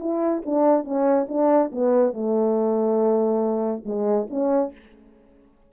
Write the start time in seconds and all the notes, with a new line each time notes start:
0.00 E4
0.45 D4
0.84 C#4
1.29 D4
1.72 B3
2.13 A3
3.85 G#3
4.30 C#4